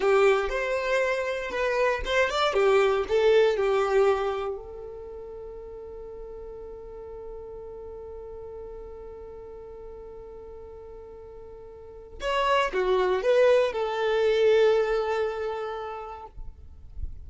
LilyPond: \new Staff \with { instrumentName = "violin" } { \time 4/4 \tempo 4 = 118 g'4 c''2 b'4 | c''8 d''8 g'4 a'4 g'4~ | g'4 a'2.~ | a'1~ |
a'1~ | a'1 | cis''4 fis'4 b'4 a'4~ | a'1 | }